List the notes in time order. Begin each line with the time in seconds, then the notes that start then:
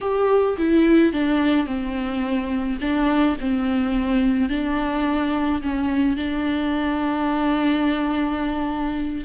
0.00 G4
0.57 E4
1.12 D4
1.66 C4
2.80 D4
3.40 C4
4.49 D4
5.62 C#4
6.16 D4